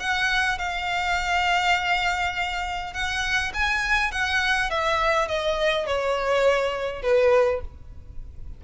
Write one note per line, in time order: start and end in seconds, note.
0.00 0.58 F#5
0.58 2.94 F5
2.94 3.52 F#5
3.54 4.11 G#5
4.11 4.70 F#5
4.71 5.28 E5
5.28 5.86 D#5
5.86 7.02 C#5
7.02 7.61 B4